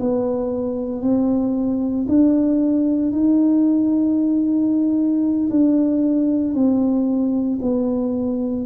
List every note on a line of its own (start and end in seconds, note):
0.00 1.01 B3
1.01 2.07 C4
2.08 3.12 D4
3.12 5.49 D#4
5.50 6.55 D4
6.55 7.60 C4
7.62 8.66 B3